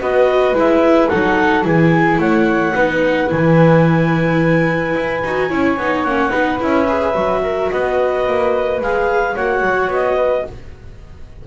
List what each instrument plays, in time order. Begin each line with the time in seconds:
0.00 double bass B3, viola F#4, flute B4, clarinet D#5
0.52 double bass G#3, viola E4
0.59 clarinet E5
1.08 double bass F#3, viola D#4, flute A4, clarinet F#5
1.63 double bass E3, viola E4, flute G#4, clarinet G#5
2.18 double bass A3, flute C#5, clarinet F#5
2.75 double bass B3, viola D#4, flute B4
3.27 double bass E3, viola E4, clarinet G#5
4.95 double bass E4
5.23 double bass D#4, viola F#4
5.49 double bass C#4, viola E4, flute C#5
5.77 double bass B3, viola D#4
6.03 double bass A#3, viola C#4, clarinet F#5
6.30 double bass B3, viola D#4, flute B4
6.59 double bass C#4, viola E4, clarinet E5
6.87 viola G#4
7.14 double bass F#3, viola F#4
7.43 flute A#4
7.70 double bass B3, flute B4, clarinet D#5
8.26 double bass A#3
8.80 double bass G#3, viola G#4, clarinet F5
9.35 double bass A#3, viola F#4, flute C#5, clarinet F#5
9.61 double bass F#3
9.87 double bass B3, clarinet D#5
10.16 flute B4